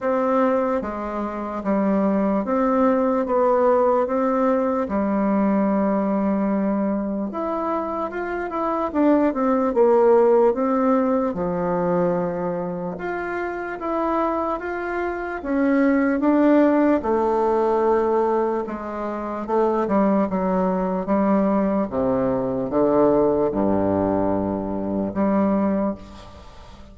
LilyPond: \new Staff \with { instrumentName = "bassoon" } { \time 4/4 \tempo 4 = 74 c'4 gis4 g4 c'4 | b4 c'4 g2~ | g4 e'4 f'8 e'8 d'8 c'8 | ais4 c'4 f2 |
f'4 e'4 f'4 cis'4 | d'4 a2 gis4 | a8 g8 fis4 g4 c4 | d4 g,2 g4 | }